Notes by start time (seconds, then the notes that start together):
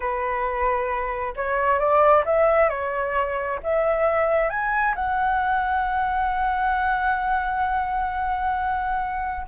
0.00 B4
1.36 C#5
1.79 D5
2.25 E5
2.69 C#5
3.63 E5
4.49 G#5
4.95 F#5